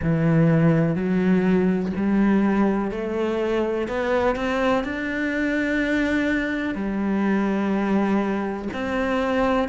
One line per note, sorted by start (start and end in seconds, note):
0.02 0.95 E3
0.95 1.91 F#3
1.96 2.91 G3
2.91 3.88 A3
3.88 4.35 B3
4.35 4.84 C4
4.84 6.74 D4
6.74 8.68 G3
8.73 9.68 C4